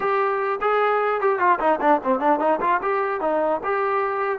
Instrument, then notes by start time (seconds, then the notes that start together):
trombone
0.00 G4
0.61 G#4
1.20 G4
1.39 F4
1.59 D#4
1.81 D4
2.03 C4
2.19 D4
2.39 D#4
2.61 F4
2.82 G4
3.21 D#4
3.63 G4